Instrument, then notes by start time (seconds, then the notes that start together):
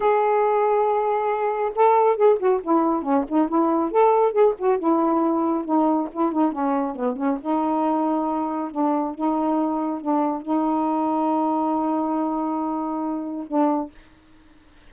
saxophone
0.00 G#4
1.75 A4
2.16 G#4
2.39 F#4
2.63 E4
3.02 C#4
3.28 D#4
3.48 E4
3.91 A4
4.32 G#4
4.58 F#4
4.78 E4
5.64 D#4
6.11 E4
6.32 D#4
6.52 C#4
6.95 B3
7.16 C#4
7.40 D#4
8.71 D4
9.14 D#4
10.01 D4
10.42 D#4
13.47 D4